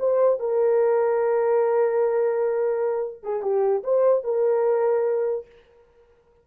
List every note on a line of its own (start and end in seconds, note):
0.00 0.40 C5
0.40 3.24 A#4
3.24 3.43 G#4
3.43 3.84 G4
3.84 4.24 C5
4.24 5.47 A#4